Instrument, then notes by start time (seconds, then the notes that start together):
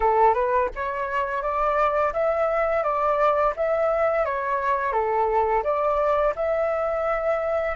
flute
0.00 A4
0.34 B4
0.75 C#5
1.42 D5
2.13 E5
2.83 D5
3.56 E5
4.25 C#5
4.92 A4
5.63 D5
6.35 E5